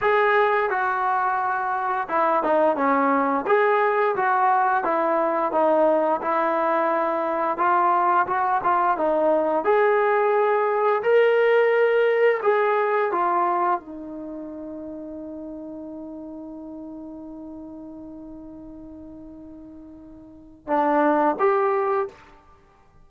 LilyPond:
\new Staff \with { instrumentName = "trombone" } { \time 4/4 \tempo 4 = 87 gis'4 fis'2 e'8 dis'8 | cis'4 gis'4 fis'4 e'4 | dis'4 e'2 f'4 | fis'8 f'8 dis'4 gis'2 |
ais'2 gis'4 f'4 | dis'1~ | dis'1~ | dis'2 d'4 g'4 | }